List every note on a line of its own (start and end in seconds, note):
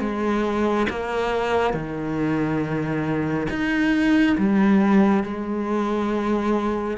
0.00 0.87 G#3
0.90 1.74 A#3
1.74 3.48 D#3
3.50 4.37 D#4
4.38 5.24 G3
5.24 6.98 G#3